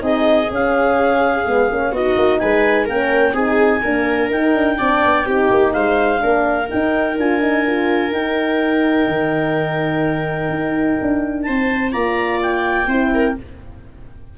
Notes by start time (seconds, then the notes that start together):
0.00 C4 D#4 G#4 D#5
0.50 C#4 F5
1.45 G#3 B3
1.71 A#3 C#4
1.92 B3 D#4 F#4 D#5
2.16 A#3
2.40 G#3 B4 G#5
2.85 A#3 C#4 A#4 G5
3.34 C4 D#4 G#4 G#5
3.83 A#3 D4 A#4
4.31 D#4 G5
4.55 D4
4.79 C4 D4 D5
5.05 B3
5.26 C4 D#4 G4
5.51 A#3
5.73 G#3 C5 F5
6.19 A#3 D4 A#4
6.69 D#4 G5
7.18 D4 F4 G#5
7.41 D#4
7.67 F4
8.13 D#4 G5
9.08 D#3
10.50 D#4
11.02 D4
11.43 C4 C5 A5
11.92 A#3 F4 D5 A#5
12.43 G5
12.88 C4 E4 C5
13.14 A#4